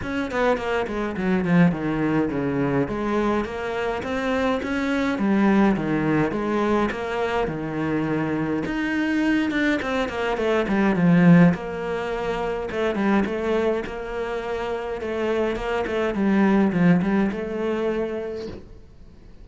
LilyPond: \new Staff \with { instrumentName = "cello" } { \time 4/4 \tempo 4 = 104 cis'8 b8 ais8 gis8 fis8 f8 dis4 | cis4 gis4 ais4 c'4 | cis'4 g4 dis4 gis4 | ais4 dis2 dis'4~ |
dis'8 d'8 c'8 ais8 a8 g8 f4 | ais2 a8 g8 a4 | ais2 a4 ais8 a8 | g4 f8 g8 a2 | }